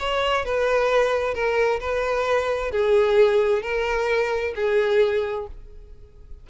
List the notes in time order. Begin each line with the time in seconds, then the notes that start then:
0.00 C#5
0.46 B4
1.34 A#4
1.81 B4
2.72 G#4
3.63 A#4
4.56 G#4